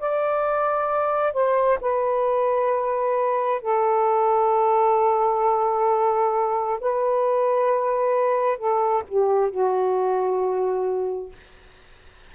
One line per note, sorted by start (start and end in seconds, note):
0.00 1.34 D5
1.34 1.79 C5
1.81 3.62 B4
3.62 6.80 A4
6.81 8.58 B4
8.58 9.04 A4
9.08 9.51 G4
9.51 11.33 F#4